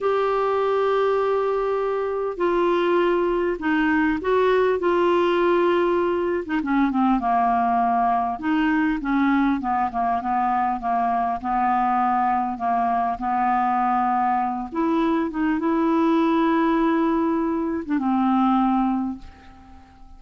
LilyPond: \new Staff \with { instrumentName = "clarinet" } { \time 4/4 \tempo 4 = 100 g'1 | f'2 dis'4 fis'4 | f'2~ f'8. dis'16 cis'8 c'8 | ais2 dis'4 cis'4 |
b8 ais8 b4 ais4 b4~ | b4 ais4 b2~ | b8 e'4 dis'8 e'2~ | e'4.~ e'16 d'16 c'2 | }